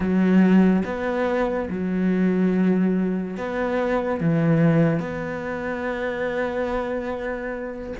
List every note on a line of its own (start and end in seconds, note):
0.00 0.83 F#3
0.84 1.68 B3
1.69 3.37 F#3
3.37 4.20 B3
4.20 4.99 E3
4.99 7.93 B3